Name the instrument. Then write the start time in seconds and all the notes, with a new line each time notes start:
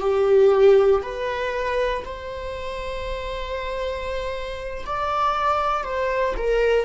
viola
0.00 G4
1.02 B4
2.05 C5
4.85 D5
5.83 C5
6.37 A#4